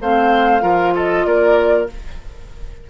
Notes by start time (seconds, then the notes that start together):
0.00 A3 C4 C5 F5
0.61 F3 F4 A#4
0.95 A4 D#5
1.25 A#3 A#4 D5